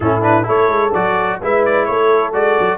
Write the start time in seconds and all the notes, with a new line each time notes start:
0.00 A2 C#4 E4 A4
0.21 D4 B4
0.43 A3 E4 A4 C#5
0.68 G#3
0.93 F#3 F#4 D5
1.41 G#3 E4 B4 E5
1.65 D5
1.85 A3 A4 C#5
2.32 G#3 F#4 D5
2.60 F#3